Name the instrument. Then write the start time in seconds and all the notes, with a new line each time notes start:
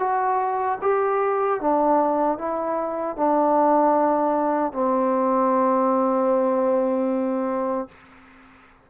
trombone
0.00 F#4
0.82 G4
1.61 D4
2.39 E4
3.17 D4
4.73 C4